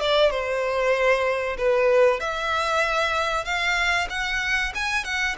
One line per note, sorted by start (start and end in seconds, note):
0.00 0.31 D5
0.31 1.57 C5
1.58 2.20 B4
2.20 3.45 E5
3.45 4.08 F5
4.10 4.73 F#5
4.75 5.05 G#5
5.05 5.36 F#5